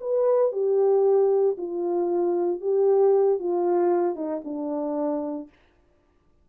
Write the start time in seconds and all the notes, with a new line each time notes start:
0.00 B4
0.52 G4
1.57 F4
2.61 G4
3.39 F4
4.15 D#4
4.44 D4